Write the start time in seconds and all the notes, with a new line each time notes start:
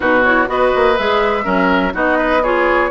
0.00 B2 D#4 F#4 B4
0.24 E4 C#5
0.47 B3 F#4 B4 D#5
0.75 A#3
0.97 G#3 G#4 E5
1.43 F#3 C#4 A#4
1.92 B3 D#4 F#4 D#5
2.17 B4
2.42 F4 G#4 C#5